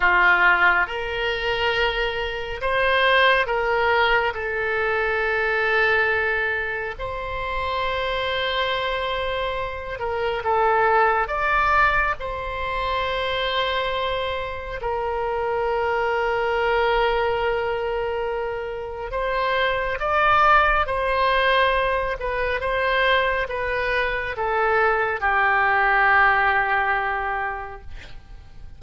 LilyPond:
\new Staff \with { instrumentName = "oboe" } { \time 4/4 \tempo 4 = 69 f'4 ais'2 c''4 | ais'4 a'2. | c''2.~ c''8 ais'8 | a'4 d''4 c''2~ |
c''4 ais'2.~ | ais'2 c''4 d''4 | c''4. b'8 c''4 b'4 | a'4 g'2. | }